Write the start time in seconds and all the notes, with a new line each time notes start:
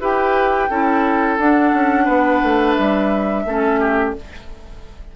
0.00 E4 G4 B4 G5
0.70 C#4 E4 A4
1.38 D4 F#5
1.74 C#4
2.05 B3 B4
2.43 A3
2.74 G3 E5
3.45 A3 C#4 A4
3.80 G4